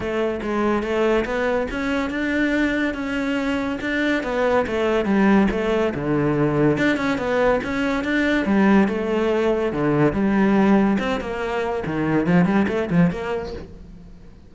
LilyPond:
\new Staff \with { instrumentName = "cello" } { \time 4/4 \tempo 4 = 142 a4 gis4 a4 b4 | cis'4 d'2 cis'4~ | cis'4 d'4 b4 a4 | g4 a4 d2 |
d'8 cis'8 b4 cis'4 d'4 | g4 a2 d4 | g2 c'8 ais4. | dis4 f8 g8 a8 f8 ais4 | }